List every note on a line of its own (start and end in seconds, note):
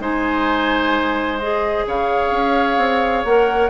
0.00 1.85 G#3
0.00 1.39 D#4
0.00 1.86 C5
0.00 1.39 G#5
1.39 3.26 G#4
1.39 1.85 D#5
1.87 2.31 C#3
1.87 3.70 C#5
1.87 3.25 F5
2.31 2.77 C#4
2.77 3.24 C4
3.25 3.70 A#3
3.25 3.70 A#4
3.25 3.70 F#5